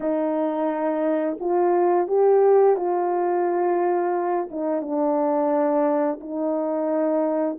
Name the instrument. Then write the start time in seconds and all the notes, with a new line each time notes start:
horn
0.00 D#4
1.39 F4
2.07 G4
2.76 F4
4.50 D#4
4.81 D4
6.20 D#4